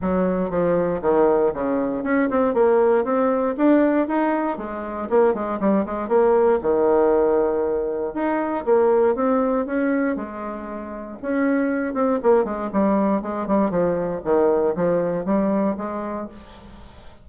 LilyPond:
\new Staff \with { instrumentName = "bassoon" } { \time 4/4 \tempo 4 = 118 fis4 f4 dis4 cis4 | cis'8 c'8 ais4 c'4 d'4 | dis'4 gis4 ais8 gis8 g8 gis8 | ais4 dis2. |
dis'4 ais4 c'4 cis'4 | gis2 cis'4. c'8 | ais8 gis8 g4 gis8 g8 f4 | dis4 f4 g4 gis4 | }